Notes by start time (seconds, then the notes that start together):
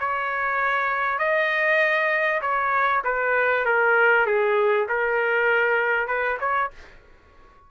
0.00 C#5
1.19 D#5
2.42 C#5
3.04 B4
3.66 A#4
4.27 G#4
4.89 A#4
6.08 B4
6.40 C#5